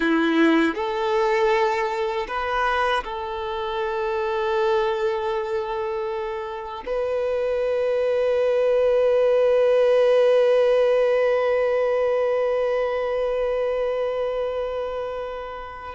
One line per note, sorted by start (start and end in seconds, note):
0.00 0.75 E4
0.75 2.26 A4
2.28 3.03 B4
3.03 6.83 A4
6.86 15.95 B4